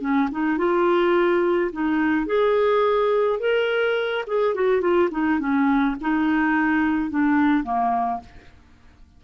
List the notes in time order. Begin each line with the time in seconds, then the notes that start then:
0.00 C#4
0.31 D#4
0.57 F4
1.72 D#4
2.26 G#4
3.39 A#4
4.26 G#4
4.54 F#4
4.80 F4
5.10 D#4
5.39 C#4
6.01 D#4
7.10 D4
7.63 A#3